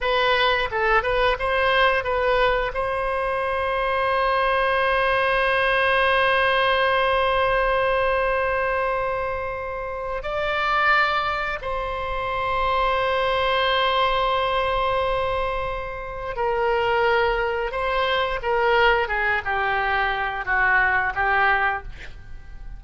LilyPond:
\new Staff \with { instrumentName = "oboe" } { \time 4/4 \tempo 4 = 88 b'4 a'8 b'8 c''4 b'4 | c''1~ | c''1~ | c''2. d''4~ |
d''4 c''2.~ | c''1 | ais'2 c''4 ais'4 | gis'8 g'4. fis'4 g'4 | }